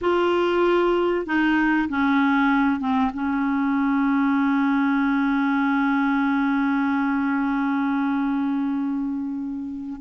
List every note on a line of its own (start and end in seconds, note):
0.01 1.26 F4
1.26 1.88 D#4
1.88 2.80 C#4
2.80 3.11 C4
3.13 10.01 C#4